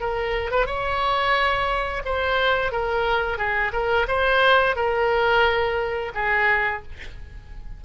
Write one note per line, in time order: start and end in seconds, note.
0.00 0.51 A#4
0.51 0.66 B4
0.66 2.02 C#5
2.05 2.71 C5
2.71 3.37 A#4
3.37 3.72 G#4
3.73 4.06 A#4
4.07 4.75 C5
4.76 6.12 A#4
6.14 6.82 G#4